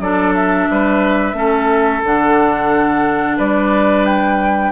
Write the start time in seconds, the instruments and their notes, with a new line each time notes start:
0.00 bassoon F#3, clarinet D4, oboe A4, flute D5
0.35 flute E5
0.70 bassoon G3, oboe B4
1.33 bassoon A3, clarinet C#4, oboe A4
2.04 bassoon D3, clarinet D4, flute F#5
3.37 bassoon G3, oboe B4, flute D5
4.06 flute G5